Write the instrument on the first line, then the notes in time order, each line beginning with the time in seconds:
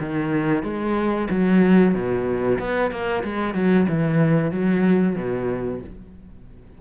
cello
0.00 D#3
0.64 G#3
1.30 F#3
1.94 B2
2.59 B3
2.91 A#3
3.24 G#3
3.55 F#3
3.89 E3
4.52 F#3
5.16 B2